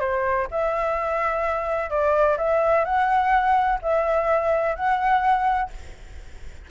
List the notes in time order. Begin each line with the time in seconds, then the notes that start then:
0.00 C5
0.51 E5
1.90 D5
2.38 E5
2.85 F#5
3.82 E5
4.76 F#5